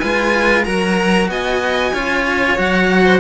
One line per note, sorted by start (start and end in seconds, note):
0.00 0.68 G#3
0.00 0.66 F4
0.00 0.66 B4
0.00 0.64 G#5
0.65 1.29 F#3
0.65 1.93 F#4
0.65 1.30 A#4
0.65 1.28 A#5
1.29 1.92 B3
1.29 1.94 D#5
1.29 2.58 G#5
1.94 2.58 C#4
1.94 2.58 F4
1.94 3.05 C#5
2.58 3.20 F#3
2.58 3.20 F#4
2.58 3.20 F#5
3.05 3.20 C5